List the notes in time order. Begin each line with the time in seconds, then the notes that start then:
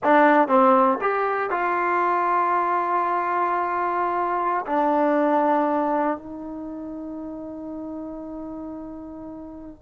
0.03 D4
0.48 C4
1.01 G4
1.50 F4
4.66 D4
6.17 D#4